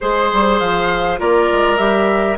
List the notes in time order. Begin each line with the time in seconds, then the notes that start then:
0.00 G#3 G#4 C5
0.33 G3
0.59 F3 F5
1.18 A#3 F4 A#4 D5
1.51 G#3
1.77 G3 G4 E5